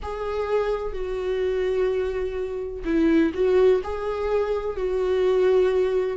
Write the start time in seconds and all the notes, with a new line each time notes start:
0.02 G#4
0.92 F#4
2.84 E4
3.34 F#4
3.84 G#4
4.76 F#4